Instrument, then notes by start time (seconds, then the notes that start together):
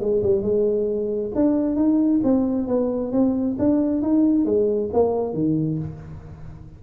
tuba
0.00 G#3
0.23 G3
0.42 G#3
1.35 D4
1.76 D#4
2.23 C4
2.68 B3
3.12 C4
3.58 D4
4.02 D#4
4.45 G#3
4.93 A#3
5.34 D#3